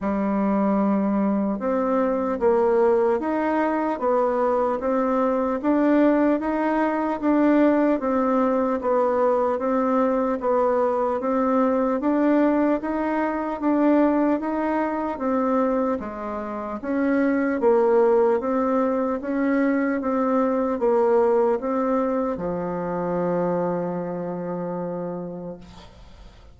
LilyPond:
\new Staff \with { instrumentName = "bassoon" } { \time 4/4 \tempo 4 = 75 g2 c'4 ais4 | dis'4 b4 c'4 d'4 | dis'4 d'4 c'4 b4 | c'4 b4 c'4 d'4 |
dis'4 d'4 dis'4 c'4 | gis4 cis'4 ais4 c'4 | cis'4 c'4 ais4 c'4 | f1 | }